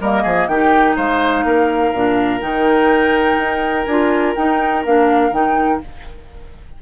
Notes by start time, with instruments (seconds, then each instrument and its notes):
0.00 bassoon G3, clarinet A#3, oboe A#4, flute D#5
0.23 bassoon F3, oboe G#4
0.47 bassoon D#3, clarinet D#4, oboe G4, flute G5
0.96 bassoon G#3, oboe C5, flute F5
1.44 bassoon A#3, oboe A#4
1.92 bassoon A#2, clarinet D4
2.40 bassoon D#3, clarinet D#4, flute G5
3.38 bassoon D#4
3.85 bassoon D4, clarinet F4, flute G#5
4.35 clarinet D#4, bassoon D#4, flute G5
4.85 bassoon A#3, clarinet D4, flute F5
5.31 bassoon D#3, clarinet D#4, flute G5